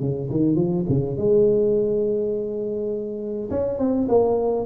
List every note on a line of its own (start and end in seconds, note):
0.00 0.29 C#3
0.30 0.56 D#3
0.56 0.85 F3
0.89 1.17 C#3
1.17 3.50 G#3
3.51 3.79 C#4
3.79 4.08 C4
4.09 4.66 A#3